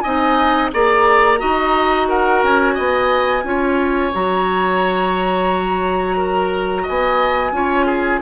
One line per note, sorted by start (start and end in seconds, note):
0.00 0.72 C4
0.00 0.72 D#4
0.00 0.71 D#5
0.00 0.68 G#5
0.72 1.41 A#3
0.72 1.38 G#4
0.72 1.39 D5
0.72 2.08 A#5
1.38 2.43 D#4
1.38 3.43 F#4
1.38 2.08 D#5
2.08 2.74 A#4
2.08 2.42 F#5
2.43 2.77 C#4
2.43 4.14 G#5
2.74 3.43 B3
2.74 3.42 D#5
3.43 4.11 C#4
3.43 4.11 F4
3.43 6.16 C#5
4.13 6.87 F#3
4.13 7.53 F#4
4.13 6.87 A#5
6.16 6.82 A#4
6.82 7.50 D#5
6.82 8.21 G#5
6.88 7.51 B3
7.51 8.19 C#4
7.51 8.21 F4
7.51 7.86 C#5
7.86 8.20 G#4